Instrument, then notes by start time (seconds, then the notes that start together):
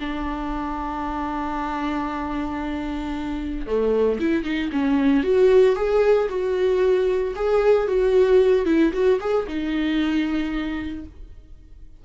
viola
0.00 D4
3.67 A3
4.20 E4
4.44 D#4
4.72 C#4
5.24 F#4
5.76 G#4
6.29 F#4
7.35 G#4
7.88 F#4
8.66 E4
8.93 F#4
9.21 G#4
9.47 D#4